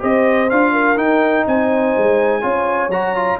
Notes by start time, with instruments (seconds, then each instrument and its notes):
0.00 tuba C4, trombone G4, horn C5, trumpet D#5
0.50 tuba D4, trombone F4, trumpet F5
0.72 horn A#4
0.97 trombone D#4, tuba D#4, trumpet G5
1.47 tuba C4, horn C5, trumpet G#5
1.98 tuba G#3
2.42 tuba C#4, trombone F4, horn C#5
2.89 tuba F#3, trombone F#4, trumpet A#5
3.16 trombone F4